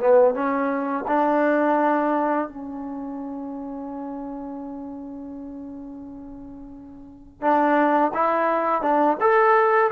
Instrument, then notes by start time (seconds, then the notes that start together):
trombone
0.00 B3
0.34 C#4
1.07 D4
2.48 C#4
7.41 D4
8.14 E4
8.82 D4
9.20 A4